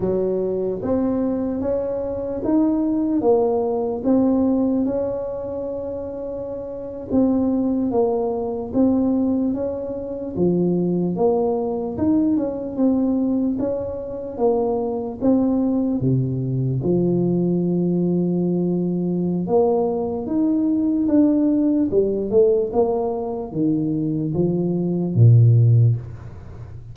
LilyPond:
\new Staff \with { instrumentName = "tuba" } { \time 4/4 \tempo 4 = 74 fis4 c'4 cis'4 dis'4 | ais4 c'4 cis'2~ | cis'8. c'4 ais4 c'4 cis'16~ | cis'8. f4 ais4 dis'8 cis'8 c'16~ |
c'8. cis'4 ais4 c'4 c16~ | c8. f2.~ f16 | ais4 dis'4 d'4 g8 a8 | ais4 dis4 f4 ais,4 | }